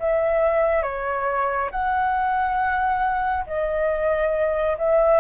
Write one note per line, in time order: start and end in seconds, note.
0.00 0.83 E5
0.83 1.70 C#5
1.71 3.45 F#5
3.47 4.77 D#5
4.78 5.20 E5